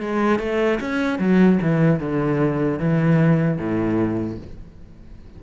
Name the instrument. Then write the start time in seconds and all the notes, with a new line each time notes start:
cello
0.00 G#3
0.39 A3
0.80 C#4
1.19 F#3
1.62 E3
1.99 D3
2.79 E3
3.58 A2